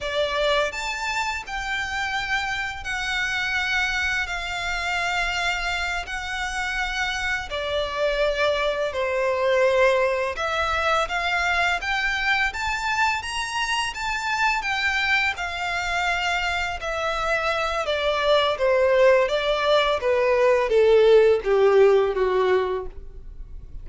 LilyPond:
\new Staff \with { instrumentName = "violin" } { \time 4/4 \tempo 4 = 84 d''4 a''4 g''2 | fis''2 f''2~ | f''8 fis''2 d''4.~ | d''8 c''2 e''4 f''8~ |
f''8 g''4 a''4 ais''4 a''8~ | a''8 g''4 f''2 e''8~ | e''4 d''4 c''4 d''4 | b'4 a'4 g'4 fis'4 | }